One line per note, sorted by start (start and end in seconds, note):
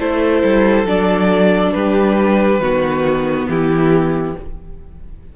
0.00 0.43 A3
0.00 0.87 E4
0.00 1.74 A4
0.00 0.87 C5
0.44 0.84 G3
0.84 1.71 F#3
0.84 2.61 D4
0.84 1.73 D5
1.73 2.60 G3
1.73 2.62 G4
1.73 3.47 B4
2.60 3.47 D#3
2.60 4.36 B3
2.60 3.49 F#4
3.49 4.36 E3
3.49 4.37 E4
3.49 4.36 G4